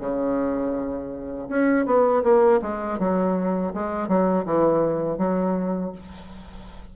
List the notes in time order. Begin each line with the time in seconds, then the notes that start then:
0.00 C#3
1.49 C#4
1.86 B3
2.24 A#3
2.62 G#3
2.99 F#3
3.74 G#3
4.08 F#3
4.45 E3
5.18 F#3